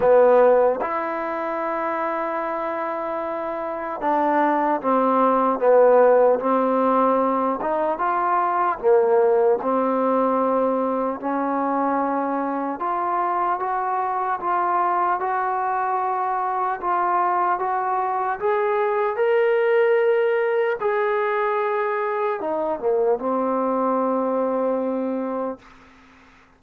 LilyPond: \new Staff \with { instrumentName = "trombone" } { \time 4/4 \tempo 4 = 75 b4 e'2.~ | e'4 d'4 c'4 b4 | c'4. dis'8 f'4 ais4 | c'2 cis'2 |
f'4 fis'4 f'4 fis'4~ | fis'4 f'4 fis'4 gis'4 | ais'2 gis'2 | dis'8 ais8 c'2. | }